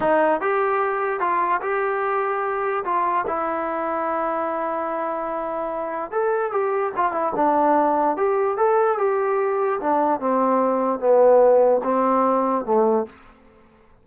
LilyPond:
\new Staff \with { instrumentName = "trombone" } { \time 4/4 \tempo 4 = 147 dis'4 g'2 f'4 | g'2. f'4 | e'1~ | e'2. a'4 |
g'4 f'8 e'8 d'2 | g'4 a'4 g'2 | d'4 c'2 b4~ | b4 c'2 a4 | }